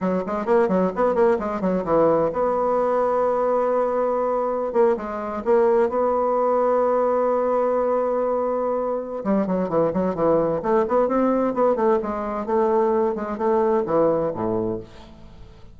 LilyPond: \new Staff \with { instrumentName = "bassoon" } { \time 4/4 \tempo 4 = 130 fis8 gis8 ais8 fis8 b8 ais8 gis8 fis8 | e4 b2.~ | b2~ b16 ais8 gis4 ais16~ | ais8. b2.~ b16~ |
b1 | g8 fis8 e8 fis8 e4 a8 b8 | c'4 b8 a8 gis4 a4~ | a8 gis8 a4 e4 a,4 | }